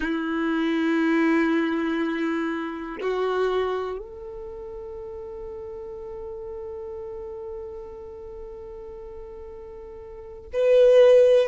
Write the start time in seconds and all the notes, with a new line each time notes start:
0.00 E4
3.01 F#4
3.98 A4
10.53 B4